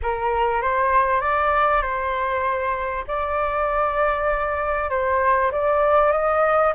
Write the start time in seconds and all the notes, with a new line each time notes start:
0.02 A#4
0.61 C5
1.21 D5
1.82 C5
3.07 D5
4.90 C5
5.51 D5
6.11 D#5